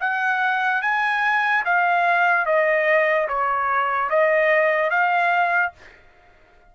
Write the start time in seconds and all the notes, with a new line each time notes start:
0.00 F#5
0.82 G#5
1.65 F5
2.46 D#5
3.28 C#5
4.10 D#5
4.90 F5